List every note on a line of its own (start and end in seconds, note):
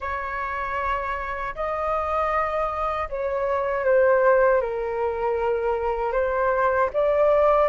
0.00 1.54 C#5
1.55 3.08 D#5
3.09 3.84 C#5
3.84 4.61 C5
4.61 6.12 A#4
6.12 6.89 C5
6.93 7.69 D5